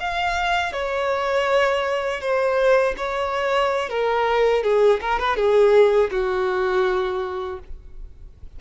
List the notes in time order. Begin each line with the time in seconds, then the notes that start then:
0.00 F5
0.73 C#5
2.21 C5
2.97 C#5
3.90 A#4
4.64 G#4
5.01 A#4
5.19 B4
5.36 G#4
6.11 F#4